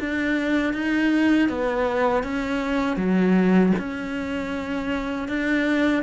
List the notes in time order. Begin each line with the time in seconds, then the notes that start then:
0.00 D4
0.74 D#4
1.49 B3
2.23 C#4
2.97 F#3
3.79 C#4
5.29 D4